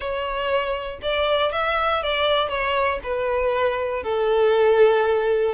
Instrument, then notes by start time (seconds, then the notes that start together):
violin
0.00 C#5
1.02 D5
1.52 E5
2.02 D5
2.48 C#5
3.03 B4
4.03 A4